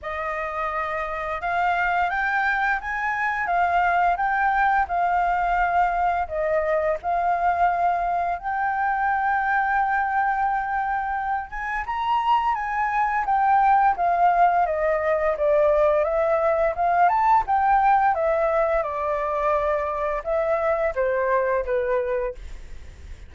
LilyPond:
\new Staff \with { instrumentName = "flute" } { \time 4/4 \tempo 4 = 86 dis''2 f''4 g''4 | gis''4 f''4 g''4 f''4~ | f''4 dis''4 f''2 | g''1~ |
g''8 gis''8 ais''4 gis''4 g''4 | f''4 dis''4 d''4 e''4 | f''8 a''8 g''4 e''4 d''4~ | d''4 e''4 c''4 b'4 | }